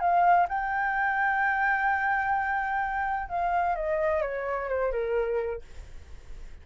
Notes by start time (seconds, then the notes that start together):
0.00 F5
0.48 G5
3.29 F5
3.75 D#5
4.22 C#5
4.69 C5
4.91 A#4